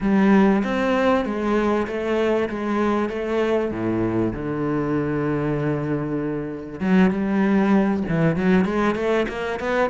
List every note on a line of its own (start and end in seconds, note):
0.00 0.62 G3
0.64 1.25 C4
1.25 1.86 G#3
1.87 2.49 A3
2.49 3.09 G#3
3.09 3.71 A3
3.71 4.32 A2
4.32 6.80 D3
6.80 7.10 F#3
7.10 8.03 G3
8.08 8.36 E3
8.36 8.64 F#3
8.64 8.95 G#3
8.95 9.26 A3
9.28 9.59 A#3
9.59 9.90 B3